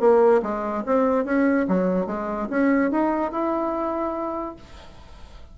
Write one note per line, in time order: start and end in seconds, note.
0.00 0.41 A#3
0.42 0.84 G#3
0.86 1.25 C4
1.25 1.66 C#4
1.68 2.06 F#3
2.06 2.48 G#3
2.50 2.91 C#4
2.91 3.31 D#4
3.31 4.56 E4